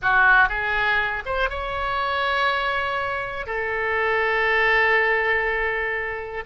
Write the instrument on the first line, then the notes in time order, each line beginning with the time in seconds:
oboe
0.02 F#4
0.48 G#4
1.25 C5
1.49 C#5
3.46 A4